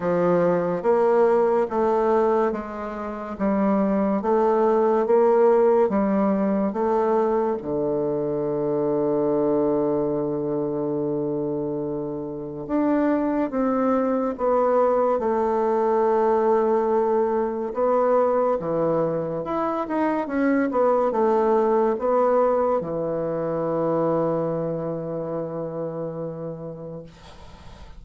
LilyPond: \new Staff \with { instrumentName = "bassoon" } { \time 4/4 \tempo 4 = 71 f4 ais4 a4 gis4 | g4 a4 ais4 g4 | a4 d2.~ | d2. d'4 |
c'4 b4 a2~ | a4 b4 e4 e'8 dis'8 | cis'8 b8 a4 b4 e4~ | e1 | }